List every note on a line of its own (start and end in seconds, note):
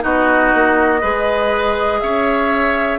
0.00 0.53 B3
0.00 0.98 D#4
0.00 1.01 F#4
0.00 2.00 D#5
0.54 1.03 A#3
1.01 2.01 G#3
1.01 2.98 G#4
1.01 1.99 B4
2.00 2.99 C#4
2.00 2.99 C#5
2.00 2.99 E5